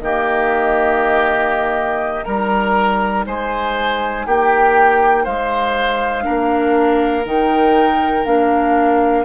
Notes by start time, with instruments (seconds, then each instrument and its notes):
0.00 bassoon D#3, clarinet A#3, oboe G4, flute D#5
2.24 bassoon G3, clarinet D#4, oboe A#4, flute A#5
3.26 bassoon G#3, oboe C5, flute G#5
4.26 bassoon A#3, oboe G4, flute G5
5.24 bassoon G#3, oboe C5, flute F5
6.22 clarinet D4, oboe A#4
6.28 bassoon A#3
7.25 bassoon D#3, clarinet D#4, flute G5
8.25 bassoon A#3, clarinet D4, flute F5